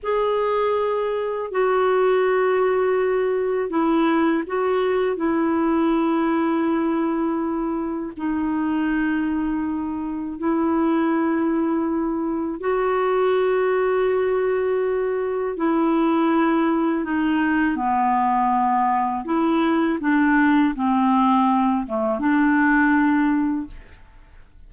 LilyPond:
\new Staff \with { instrumentName = "clarinet" } { \time 4/4 \tempo 4 = 81 gis'2 fis'2~ | fis'4 e'4 fis'4 e'4~ | e'2. dis'4~ | dis'2 e'2~ |
e'4 fis'2.~ | fis'4 e'2 dis'4 | b2 e'4 d'4 | c'4. a8 d'2 | }